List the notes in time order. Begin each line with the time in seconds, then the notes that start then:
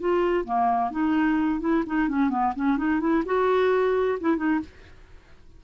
0.00 F4
0.45 A#3
0.91 D#4
1.61 E4
1.86 D#4
2.09 C#4
2.30 B3
2.56 C#4
2.78 D#4
3.00 E4
3.26 F#4
4.21 E4
4.37 D#4